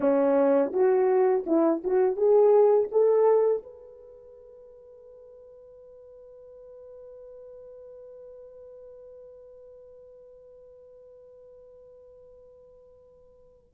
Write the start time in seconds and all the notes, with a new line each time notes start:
0.00 C#4
0.72 F#4
1.46 E4
1.83 F#4
2.16 G#4
2.91 A4
3.62 B4